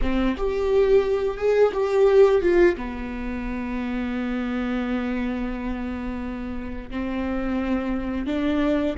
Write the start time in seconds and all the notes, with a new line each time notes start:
0.01 C4
0.36 G4
1.37 G#4
1.73 G4
2.41 F4
2.76 B3
6.90 C4
8.26 D4